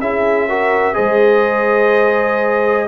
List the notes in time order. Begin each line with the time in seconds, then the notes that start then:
0.00 C#4 E4 G#4 E5
0.49 F#4 A#4
0.93 G#3 G#4 C5 D#5